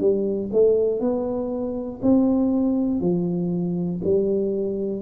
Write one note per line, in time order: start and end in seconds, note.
0.00 0.50 G3
0.53 1.00 A3
1.00 2.00 B3
2.02 3.00 C4
3.00 4.00 F3
4.04 5.02 G3